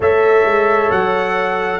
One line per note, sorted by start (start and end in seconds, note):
0.00 0.45 A3
0.00 1.79 A4
0.00 1.79 C#5
0.00 0.91 E5
0.45 0.90 G#3
0.91 1.79 F#3
0.91 1.79 F#5